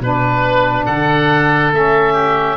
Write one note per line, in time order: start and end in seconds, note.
0.00 0.86 B2
0.00 1.72 D4
0.00 0.86 B4
0.86 1.72 D3
0.86 2.13 A4
0.86 1.71 F#5
1.72 2.57 A3
1.72 2.57 C#4
1.72 2.57 E5
2.13 2.56 G4